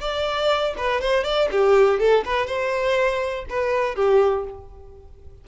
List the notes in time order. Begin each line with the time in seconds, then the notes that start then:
0.00 D5
0.77 B4
1.01 C5
1.24 D5
1.51 G4
1.99 A4
2.25 B4
2.46 C5
3.49 B4
3.95 G4